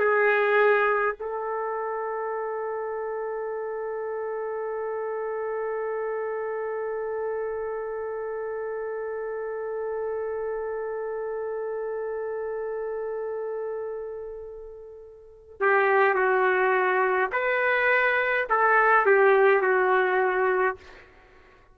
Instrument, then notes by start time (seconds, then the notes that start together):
trumpet
0.00 G#4
1.20 A4
15.61 G4
16.15 F#4
17.32 B4
18.50 A4
19.06 G4
19.62 F#4